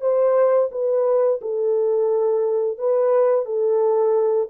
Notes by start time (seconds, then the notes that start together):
0.00 C5
0.71 B4
1.41 A4
2.78 B4
3.45 A4